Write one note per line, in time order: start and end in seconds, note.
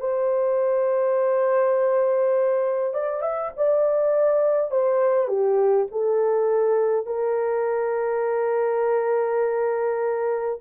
0.00 2.94 C5
2.94 3.21 D5
3.21 3.51 E5
3.57 4.71 D5
4.71 5.28 C5
5.28 5.87 G4
5.91 7.06 A4
7.06 10.59 A#4